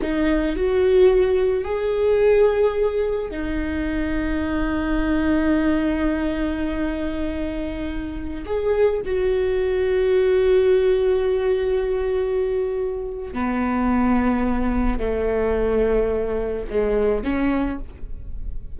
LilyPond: \new Staff \with { instrumentName = "viola" } { \time 4/4 \tempo 4 = 108 dis'4 fis'2 gis'4~ | gis'2 dis'2~ | dis'1~ | dis'2.~ dis'16 gis'8.~ |
gis'16 fis'2.~ fis'8.~ | fis'1 | b2. a4~ | a2 gis4 cis'4 | }